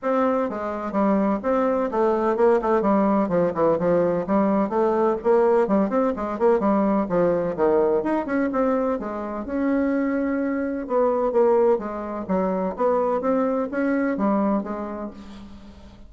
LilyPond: \new Staff \with { instrumentName = "bassoon" } { \time 4/4 \tempo 4 = 127 c'4 gis4 g4 c'4 | a4 ais8 a8 g4 f8 e8 | f4 g4 a4 ais4 | g8 c'8 gis8 ais8 g4 f4 |
dis4 dis'8 cis'8 c'4 gis4 | cis'2. b4 | ais4 gis4 fis4 b4 | c'4 cis'4 g4 gis4 | }